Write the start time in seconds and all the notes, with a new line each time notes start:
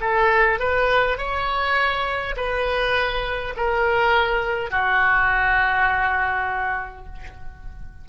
0.00 A4
0.59 B4
1.18 C#5
2.36 B4
3.56 A#4
4.71 F#4